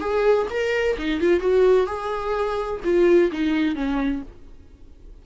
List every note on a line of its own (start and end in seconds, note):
0.00 0.47 G#4
0.50 0.97 A#4
0.98 1.20 D#4
1.20 1.40 F4
1.40 1.86 F#4
1.86 2.80 G#4
2.84 3.31 F4
3.32 3.75 D#4
3.75 4.22 C#4